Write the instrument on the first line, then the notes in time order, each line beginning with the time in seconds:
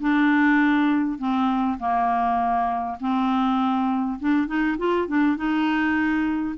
clarinet
0.00 D4
1.19 C4
1.79 A#3
3.00 C4
4.19 D4
4.47 D#4
4.78 F4
5.07 D4
5.37 D#4